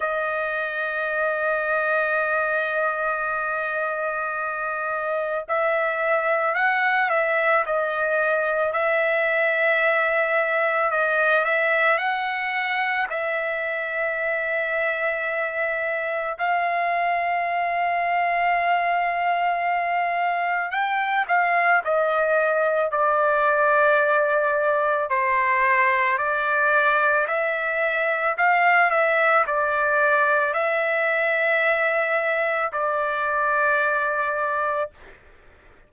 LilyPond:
\new Staff \with { instrumentName = "trumpet" } { \time 4/4 \tempo 4 = 55 dis''1~ | dis''4 e''4 fis''8 e''8 dis''4 | e''2 dis''8 e''8 fis''4 | e''2. f''4~ |
f''2. g''8 f''8 | dis''4 d''2 c''4 | d''4 e''4 f''8 e''8 d''4 | e''2 d''2 | }